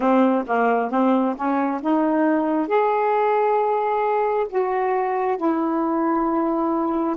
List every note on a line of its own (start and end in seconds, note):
0.00 0.44 C4
0.46 0.90 A#3
0.90 1.35 C4
1.36 1.80 C#4
1.81 2.67 D#4
2.67 4.46 G#4
4.49 5.37 F#4
5.37 7.16 E4